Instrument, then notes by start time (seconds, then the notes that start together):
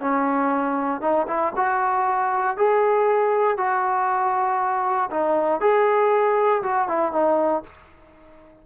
trombone
0.00 C#4
1.01 D#4
1.27 E4
1.56 F#4
2.57 G#4
3.57 F#4
5.10 D#4
5.60 G#4
6.62 F#4
6.88 E4
7.12 D#4